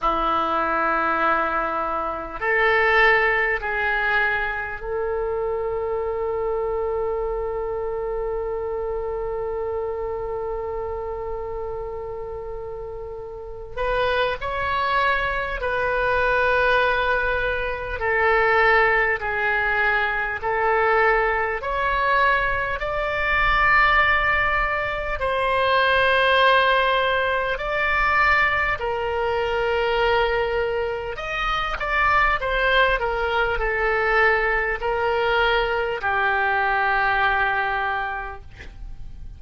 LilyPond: \new Staff \with { instrumentName = "oboe" } { \time 4/4 \tempo 4 = 50 e'2 a'4 gis'4 | a'1~ | a'2.~ a'8 b'8 | cis''4 b'2 a'4 |
gis'4 a'4 cis''4 d''4~ | d''4 c''2 d''4 | ais'2 dis''8 d''8 c''8 ais'8 | a'4 ais'4 g'2 | }